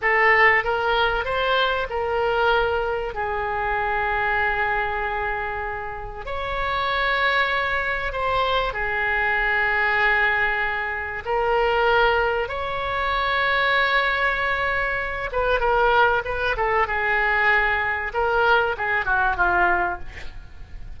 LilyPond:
\new Staff \with { instrumentName = "oboe" } { \time 4/4 \tempo 4 = 96 a'4 ais'4 c''4 ais'4~ | ais'4 gis'2.~ | gis'2 cis''2~ | cis''4 c''4 gis'2~ |
gis'2 ais'2 | cis''1~ | cis''8 b'8 ais'4 b'8 a'8 gis'4~ | gis'4 ais'4 gis'8 fis'8 f'4 | }